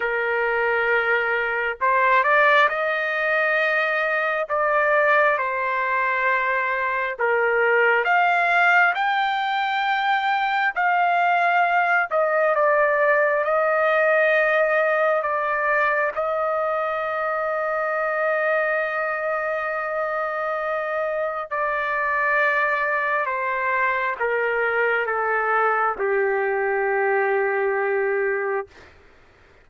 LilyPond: \new Staff \with { instrumentName = "trumpet" } { \time 4/4 \tempo 4 = 67 ais'2 c''8 d''8 dis''4~ | dis''4 d''4 c''2 | ais'4 f''4 g''2 | f''4. dis''8 d''4 dis''4~ |
dis''4 d''4 dis''2~ | dis''1 | d''2 c''4 ais'4 | a'4 g'2. | }